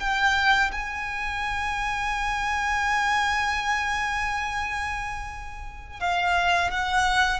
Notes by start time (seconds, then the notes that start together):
0.00 G5
0.72 G#5
6.00 F5
6.71 F#5